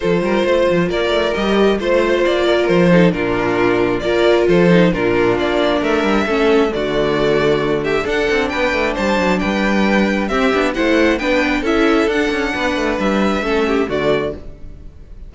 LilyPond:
<<
  \new Staff \with { instrumentName = "violin" } { \time 4/4 \tempo 4 = 134 c''2 d''4 dis''4 | c''4 d''4 c''4 ais'4~ | ais'4 d''4 c''4 ais'4 | d''4 e''2 d''4~ |
d''4. e''8 fis''4 g''4 | a''4 g''2 e''4 | fis''4 g''4 e''4 fis''4~ | fis''4 e''2 d''4 | }
  \new Staff \with { instrumentName = "violin" } { \time 4/4 a'8 ais'8 c''4 ais'2 | c''4. ais'4 a'8 f'4~ | f'4 ais'4 a'4 f'4~ | f'4 ais'4 a'4 fis'4~ |
fis'4. g'8 a'4 b'4 | c''4 b'2 g'4 | c''4 b'4 a'2 | b'2 a'8 g'8 fis'4 | }
  \new Staff \with { instrumentName = "viola" } { \time 4/4 f'2. g'4 | f'2~ f'8 dis'8 d'4~ | d'4 f'4. dis'8 d'4~ | d'2 cis'4 a4~ |
a2 d'2~ | d'2. c'8 d'8 | e'4 d'4 e'4 d'4~ | d'2 cis'4 a4 | }
  \new Staff \with { instrumentName = "cello" } { \time 4/4 f8 g8 a8 f8 ais8 a8 g4 | a4 ais4 f4 ais,4~ | ais,4 ais4 f4 ais,4 | ais4 a8 g8 a4 d4~ |
d2 d'8 c'8 b8 a8 | g8 fis8 g2 c'8 b8 | a4 b4 cis'4 d'8 cis'8 | b8 a8 g4 a4 d4 | }
>>